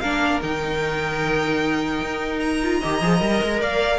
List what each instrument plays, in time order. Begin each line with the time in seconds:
0.00 cello A#3, viola D4, violin A#4 F5
0.42 cello D#3, viola D#4, violin G5
2.02 cello D#4
2.40 violin A#5
2.63 viola F4
2.80 cello D#3, viola G4, violin D#5
3.02 cello F3, viola G#4
3.20 cello G3, viola A#4
3.43 cello G#3
3.61 cello A#3, violin D5 F5